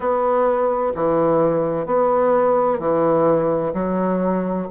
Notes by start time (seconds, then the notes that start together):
0.00 B3
0.95 E3
1.86 B3
2.79 E3
3.73 F#3